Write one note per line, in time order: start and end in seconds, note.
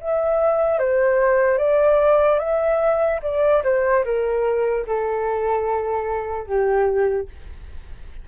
0.00 0.79 E5
0.79 1.58 C5
1.58 2.39 D5
2.39 3.20 E5
3.22 3.63 D5
3.63 4.04 C5
4.04 4.85 A#4
4.87 6.47 A4
6.47 7.28 G4